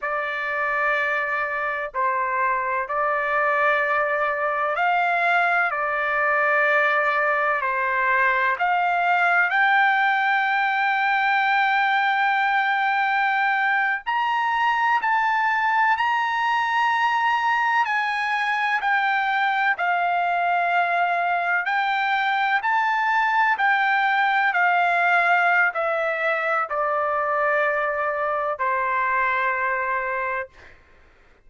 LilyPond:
\new Staff \with { instrumentName = "trumpet" } { \time 4/4 \tempo 4 = 63 d''2 c''4 d''4~ | d''4 f''4 d''2 | c''4 f''4 g''2~ | g''2~ g''8. ais''4 a''16~ |
a''8. ais''2 gis''4 g''16~ | g''8. f''2 g''4 a''16~ | a''8. g''4 f''4~ f''16 e''4 | d''2 c''2 | }